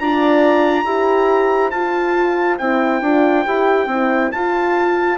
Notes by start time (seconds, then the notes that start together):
0.00 D4 F4 D5 A#5
0.85 E4 G4 C5
1.71 F4 A5
2.58 C4 E4 G5
3.02 D4 F4
3.45 E4 G4
3.87 C4 E4
4.32 F4 A5